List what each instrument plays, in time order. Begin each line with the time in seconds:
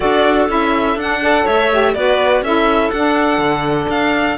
0.00 cello D4, saxophone F#4, clarinet A4, violin D5
0.48 cello C#4, saxophone E4, violin E5
0.96 cello D4, saxophone D4, violin F#5
1.22 saxophone A4, clarinet D5
1.43 cello A3, clarinet C#5, violin E5
1.71 saxophone G4
1.94 cello B3, saxophone F#4, clarinet B4, violin D5
2.41 cello C#4, saxophone E4, clarinet A4, violin E5
2.90 cello D4, saxophone D4, violin F#5
3.38 cello D3
3.88 cello D4, violin F5